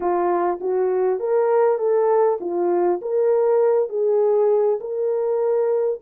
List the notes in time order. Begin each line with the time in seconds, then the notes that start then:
0.00 F4
0.60 F#4
1.19 A#4
1.78 A4
2.40 F4
3.01 A#4
3.89 G#4
4.80 A#4